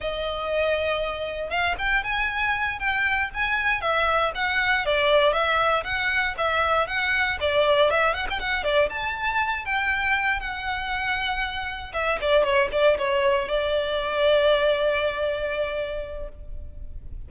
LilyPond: \new Staff \with { instrumentName = "violin" } { \time 4/4 \tempo 4 = 118 dis''2. f''8 g''8 | gis''4. g''4 gis''4 e''8~ | e''8 fis''4 d''4 e''4 fis''8~ | fis''8 e''4 fis''4 d''4 e''8 |
fis''16 g''16 fis''8 d''8 a''4. g''4~ | g''8 fis''2. e''8 | d''8 cis''8 d''8 cis''4 d''4.~ | d''1 | }